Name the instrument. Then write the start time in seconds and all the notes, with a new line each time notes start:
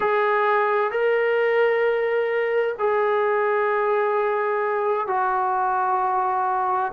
trombone
0.00 G#4
0.91 A#4
2.79 G#4
5.07 F#4